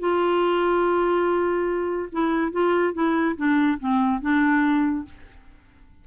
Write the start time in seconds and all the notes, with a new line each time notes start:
0.00 F4
2.13 E4
2.53 F4
2.94 E4
3.37 D4
3.80 C4
4.22 D4